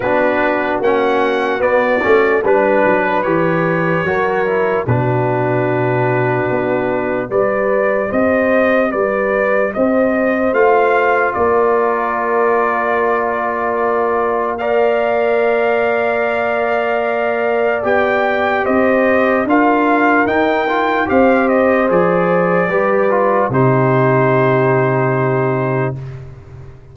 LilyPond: <<
  \new Staff \with { instrumentName = "trumpet" } { \time 4/4 \tempo 4 = 74 b'4 fis''4 d''4 b'4 | cis''2 b'2~ | b'4 d''4 dis''4 d''4 | dis''4 f''4 d''2~ |
d''2 f''2~ | f''2 g''4 dis''4 | f''4 g''4 f''8 dis''8 d''4~ | d''4 c''2. | }
  \new Staff \with { instrumentName = "horn" } { \time 4/4 fis'2. b'4~ | b'4 ais'4 fis'2~ | fis'4 b'4 c''4 b'4 | c''2 ais'2~ |
ais'2 d''2~ | d''2. c''4 | ais'2 c''2 | b'4 g'2. | }
  \new Staff \with { instrumentName = "trombone" } { \time 4/4 d'4 cis'4 b8 cis'8 d'4 | g'4 fis'8 e'8 d'2~ | d'4 g'2.~ | g'4 f'2.~ |
f'2 ais'2~ | ais'2 g'2 | f'4 dis'8 f'8 g'4 gis'4 | g'8 f'8 dis'2. | }
  \new Staff \with { instrumentName = "tuba" } { \time 4/4 b4 ais4 b8 a8 g8 fis8 | e4 fis4 b,2 | b4 g4 c'4 g4 | c'4 a4 ais2~ |
ais1~ | ais2 b4 c'4 | d'4 dis'4 c'4 f4 | g4 c2. | }
>>